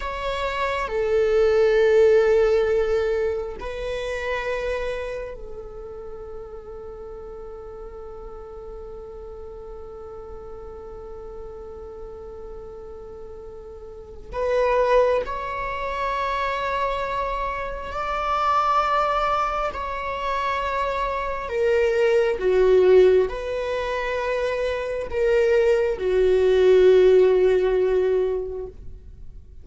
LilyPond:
\new Staff \with { instrumentName = "viola" } { \time 4/4 \tempo 4 = 67 cis''4 a'2. | b'2 a'2~ | a'1~ | a'1 |
b'4 cis''2. | d''2 cis''2 | ais'4 fis'4 b'2 | ais'4 fis'2. | }